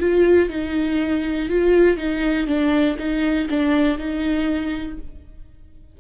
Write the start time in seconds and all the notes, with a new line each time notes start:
0.00 F4
0.50 D#4
1.49 F4
1.97 D#4
2.47 D4
2.99 D#4
3.50 D4
3.98 D#4